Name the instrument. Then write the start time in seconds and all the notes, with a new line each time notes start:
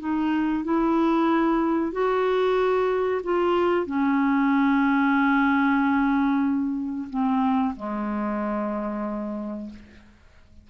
clarinet
0.00 D#4
0.65 E4
1.93 F#4
3.24 F4
3.87 C#4
7.10 C4
7.77 G#3